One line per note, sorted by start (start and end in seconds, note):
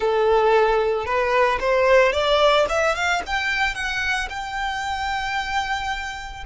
0.00 1.05 A4
1.05 1.59 B4
1.59 2.12 C5
2.12 2.65 D5
2.69 2.95 E5
2.95 3.21 F5
3.26 3.75 G5
3.75 4.28 F#5
4.29 6.44 G5